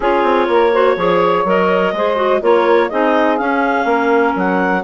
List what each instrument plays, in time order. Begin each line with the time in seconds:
0.00 bassoon C#4, clarinet F4 C#5, saxophone G#4
0.23 bassoon C4
0.47 bassoon A#3, saxophone A#4
0.72 clarinet F#4, saxophone C5
0.96 bassoon F3, clarinet G#4, saxophone C#5
1.44 bassoon F#3, clarinet A#4 D#5
1.92 bassoon G#3, clarinet G#4, saxophone C5
2.16 clarinet F#4
2.40 bassoon A#3, clarinet F4 C#5, saxophone A#4
2.89 bassoon C4, clarinet D#4 D#5, saxophone G#4
3.37 clarinet C#4 F5, bassoon C#4
3.84 bassoon A#3, saxophone A#4
4.35 bassoon F#3, clarinet F#5